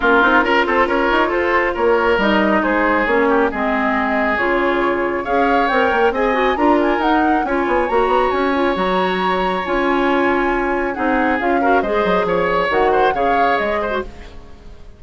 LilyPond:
<<
  \new Staff \with { instrumentName = "flute" } { \time 4/4 \tempo 4 = 137 ais'4. c''8 cis''4 c''4 | cis''4 dis''4 c''4 cis''4 | dis''2 cis''2 | f''4 g''4 gis''4 ais''8 gis''8 |
fis''4 gis''4 ais''4 gis''4 | ais''2 gis''2~ | gis''4 fis''4 f''4 dis''4 | cis''4 fis''4 f''4 dis''4 | }
  \new Staff \with { instrumentName = "oboe" } { \time 4/4 f'4 ais'8 a'8 ais'4 a'4 | ais'2 gis'4. g'8 | gis'1 | cis''2 dis''4 ais'4~ |
ais'4 cis''2.~ | cis''1~ | cis''4 gis'4. ais'8 c''4 | cis''4. c''8 cis''4. c''8 | }
  \new Staff \with { instrumentName = "clarinet" } { \time 4/4 cis'8 dis'8 f'2.~ | f'4 dis'2 cis'4 | c'2 f'2 | gis'4 ais'4 gis'8 fis'8 f'4 |
dis'4 f'4 fis'4. f'8 | fis'2 f'2~ | f'4 dis'4 f'8 fis'8 gis'4~ | gis'4 fis'4 gis'4.~ gis'16 fis'16 | }
  \new Staff \with { instrumentName = "bassoon" } { \time 4/4 ais8 c'8 cis'8 c'8 cis'8 dis'8 f'4 | ais4 g4 gis4 ais4 | gis2 cis2 | cis'4 c'8 ais8 c'4 d'4 |
dis'4 cis'8 b8 ais8 b8 cis'4 | fis2 cis'2~ | cis'4 c'4 cis'4 gis8 fis8 | f4 dis4 cis4 gis4 | }
>>